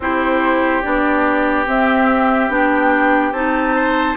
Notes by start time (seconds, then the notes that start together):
0.00 C4 E4 G4 C5
0.82 B3 D4 D5
1.66 C4 E5
2.48 B3 D4 G5
3.32 C4 D#4 A5
3.76 C5